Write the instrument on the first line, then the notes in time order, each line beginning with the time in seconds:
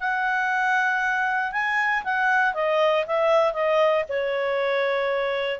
clarinet
0.00 F#5
1.52 G#5
2.04 F#5
2.54 D#5
3.07 E5
3.53 D#5
4.09 C#5